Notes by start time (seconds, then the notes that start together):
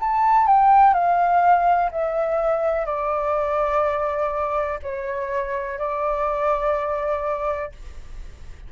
0.00 A5
0.48 G5
0.94 F5
1.92 E5
2.86 D5
4.83 C#5
5.79 D5